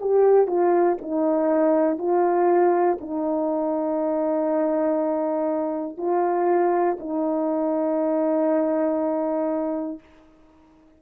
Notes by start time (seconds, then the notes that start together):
0.00 G4
0.47 F4
1.01 D#4
1.98 F4
3.00 D#4
5.97 F4
6.99 D#4